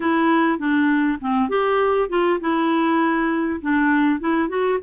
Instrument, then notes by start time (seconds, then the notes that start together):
clarinet
0.00 E4
0.58 D4
1.20 C4
1.49 G4
2.09 F4
2.40 E4
3.61 D4
4.19 E4
4.48 F#4